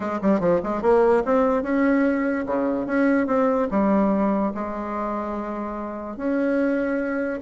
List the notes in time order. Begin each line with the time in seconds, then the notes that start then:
0.00 G#3
0.21 G3
0.40 F3
0.63 G#3
0.81 A#3
1.25 C4
1.62 C#4
2.46 C#3
2.86 C#4
3.27 C4
3.70 G3
4.54 G#3
6.16 C#4